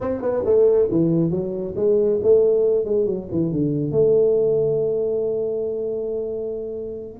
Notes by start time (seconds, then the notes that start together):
0.00 C4
0.21 B3
0.45 A3
0.91 E3
1.30 F#3
1.76 G#3
2.22 A3
2.85 G#3
3.06 F#3
3.31 E3
3.52 D3
3.91 A3